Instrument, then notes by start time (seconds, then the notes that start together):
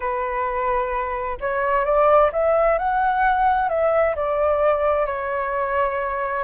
flute
0.00 B4
1.40 C#5
1.84 D5
2.32 E5
2.78 F#5
3.69 E5
4.15 D5
5.06 C#5